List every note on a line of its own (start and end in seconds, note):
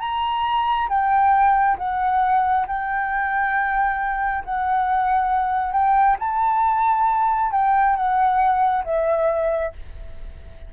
0.00 0.88 A#5
0.89 1.77 G5
1.78 2.66 F#5
2.68 4.44 G5
4.45 5.73 F#5
5.73 6.17 G5
6.20 7.52 A5
7.52 7.96 G5
7.96 8.84 F#5
8.84 9.73 E5